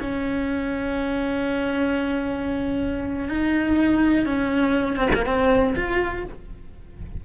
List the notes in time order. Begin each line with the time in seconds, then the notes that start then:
0.00 C#4
3.29 D#4
4.26 C#4
4.96 C4
5.14 A#3
5.26 C4
5.76 F4